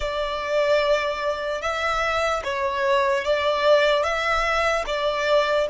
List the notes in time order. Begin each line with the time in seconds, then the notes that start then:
0.00 D5
1.61 E5
2.44 C#5
3.24 D5
4.03 E5
4.86 D5